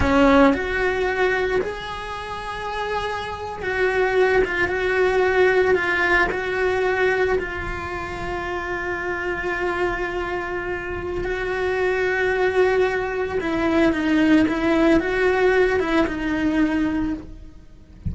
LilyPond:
\new Staff \with { instrumentName = "cello" } { \time 4/4 \tempo 4 = 112 cis'4 fis'2 gis'4~ | gis'2~ gis'8. fis'4~ fis'16~ | fis'16 f'8 fis'2 f'4 fis'16~ | fis'4.~ fis'16 f'2~ f'16~ |
f'1~ | f'4 fis'2.~ | fis'4 e'4 dis'4 e'4 | fis'4. e'8 dis'2 | }